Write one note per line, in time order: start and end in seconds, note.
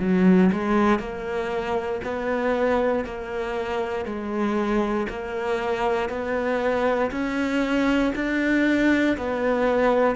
0.00 0.51 F#3
0.52 0.99 G#3
0.99 2.01 A#3
2.03 3.05 B3
3.05 4.05 A#3
4.05 5.07 G#3
5.09 6.09 A#3
6.09 7.11 B3
7.11 8.13 C#4
8.15 9.17 D4
9.17 10.16 B3